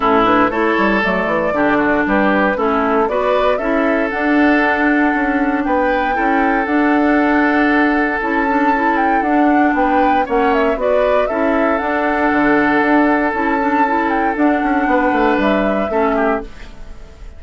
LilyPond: <<
  \new Staff \with { instrumentName = "flute" } { \time 4/4 \tempo 4 = 117 a'8 b'8 cis''4 d''2 | b'4 a'4 d''4 e''4 | fis''2. g''4~ | g''4 fis''2. |
a''4. g''8 fis''4 g''4 | fis''8 e''8 d''4 e''4 fis''4~ | fis''2 a''4. g''8 | fis''2 e''2 | }
  \new Staff \with { instrumentName = "oboe" } { \time 4/4 e'4 a'2 g'8 fis'8 | g'4 e'4 b'4 a'4~ | a'2. b'4 | a'1~ |
a'2. b'4 | cis''4 b'4 a'2~ | a'1~ | a'4 b'2 a'8 g'8 | }
  \new Staff \with { instrumentName = "clarinet" } { \time 4/4 cis'8 d'8 e'4 a4 d'4~ | d'4 cis'4 fis'4 e'4 | d'1 | e'4 d'2. |
e'8 d'8 e'4 d'2 | cis'4 fis'4 e'4 d'4~ | d'2 e'8 d'8 e'4 | d'2. cis'4 | }
  \new Staff \with { instrumentName = "bassoon" } { \time 4/4 a,4 a8 g8 fis8 e8 d4 | g4 a4 b4 cis'4 | d'2 cis'4 b4 | cis'4 d'2. |
cis'2 d'4 b4 | ais4 b4 cis'4 d'4 | d4 d'4 cis'2 | d'8 cis'8 b8 a8 g4 a4 | }
>>